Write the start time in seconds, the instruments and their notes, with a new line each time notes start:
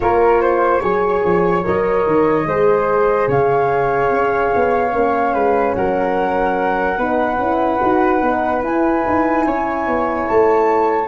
0.00 tuba A#3, horn F4, flute A#4 C#5
0.41 flute C5
0.81 tuba F#3, horn G#4, flute C#5
1.23 tuba F3
1.64 tuba F#3, horn A#4, flute D#5
2.06 tuba D#3
2.45 tuba G#3, horn G#4, flute C5
3.28 tuba C#3, flute C#5 F5
4.10 tuba C#4
4.55 tuba B3
4.92 tuba A#3, horn C#4
5.34 tuba G#3, flute B4
5.74 tuba F#3, flute A#4 F#5
6.97 tuba B3, horn D#4, flute B4
7.38 tuba C#4, horn E4
7.80 tuba D#4, horn F#4
8.22 tuba B3, horn D#4
8.62 horn E4, tuba E4, flute G#5
9.07 tuba D#4
9.46 tuba C#4, flute C#5
9.87 tuba B3
10.27 tuba A3, flute A5